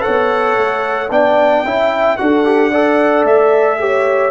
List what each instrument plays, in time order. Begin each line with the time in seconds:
0.00 trombone A4, horn C#5, trumpet F#5
0.07 tuba B3
0.56 tuba A3
1.10 tuba B3, trombone D4, horn D5, trumpet G5
1.65 tuba C#4, trombone E4, horn E5
2.17 tuba D4, trombone F#4, horn A4, trumpet F#5
2.44 trombone G4
2.71 trombone A4, horn D5
3.23 tuba A3, trumpet E5
3.79 trombone G4, horn C#5